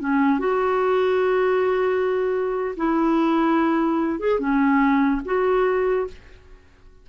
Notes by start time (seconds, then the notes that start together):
0.00 C#4
0.39 F#4
2.77 E4
4.20 G#4
4.40 C#4
5.26 F#4